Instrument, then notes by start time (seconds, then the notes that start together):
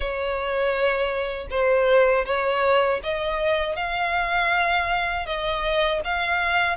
violin
0.00 C#5
1.50 C5
2.25 C#5
3.03 D#5
3.75 F5
5.25 D#5
6.04 F5